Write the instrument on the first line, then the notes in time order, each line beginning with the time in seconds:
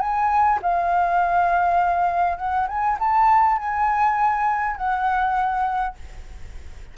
flute
0.00 G#5
0.62 F5
2.37 F#5
2.68 G#5
2.99 A5
3.58 G#5
4.76 F#5